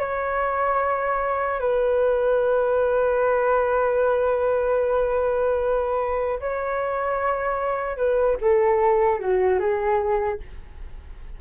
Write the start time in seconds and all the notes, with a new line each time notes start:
0.00 C#5
1.60 B4
6.40 C#5
7.97 B4
8.41 A4
9.20 F#4
9.60 G#4